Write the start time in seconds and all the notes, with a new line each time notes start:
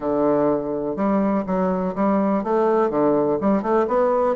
0.00 D3
0.96 G3
1.46 F#3
1.95 G3
2.43 A3
2.89 D3
3.40 G3
3.62 A3
3.87 B3